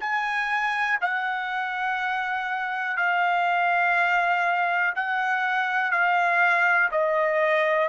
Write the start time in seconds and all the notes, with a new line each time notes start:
0.00 G#5
1.01 F#5
2.97 F5
4.95 F#5
5.91 F5
6.91 D#5